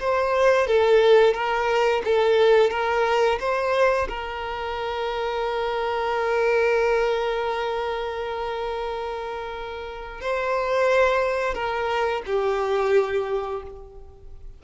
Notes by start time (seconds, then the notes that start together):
0.00 C5
0.67 A4
1.34 A#4
2.05 A4
2.70 A#4
3.40 C5
4.08 A#4
10.21 C5
11.54 A#4
12.26 G4